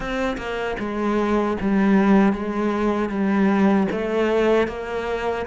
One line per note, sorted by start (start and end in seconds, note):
0.00 0.36 C4
0.37 0.76 A#3
0.79 1.57 G#3
1.60 2.32 G3
2.32 3.09 G#3
3.09 3.87 G3
3.91 4.67 A3
4.67 5.45 A#3